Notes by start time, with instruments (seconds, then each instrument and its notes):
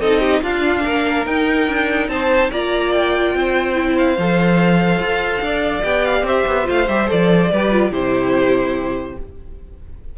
0.00 cello C4, viola D#4, violin A4 D#5
0.20 violin G4
0.42 cello D4, viola D4, violin F4 F5
0.84 cello A#3, violin A#4
1.26 viola D#4, cello D#4, violin G5
1.67 cello D4
2.08 cello C4, violin C5 A5
2.51 cello A#3, viola F4, violin D5 A#5
2.92 violin G5
3.35 cello C4, violin C5
3.74 viola E4
3.98 violin F5
4.18 cello F3, viola A4
4.99 cello F4
5.41 cello D4, violin D5
5.83 cello B3, viola G4, violin G5
6.05 violin F5
6.22 cello C4, violin C5 E5
6.47 cello B3
6.64 cello A3, viola F4, violin F5
6.88 cello G3, viola G4, violin E5
7.07 cello F3, viola A4, violin D5
7.52 cello G3, viola G4, violin B4
7.71 viola F4
7.91 cello C3, viola E4, violin G4 C5